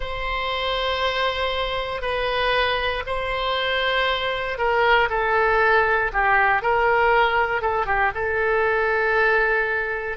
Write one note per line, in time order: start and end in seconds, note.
0.00 2.01 C5
2.01 3.03 B4
3.06 4.58 C5
4.58 5.08 A#4
5.09 6.11 A4
6.12 6.61 G4
6.61 7.61 A#4
7.61 7.85 A4
7.85 8.11 G4
8.14 10.17 A4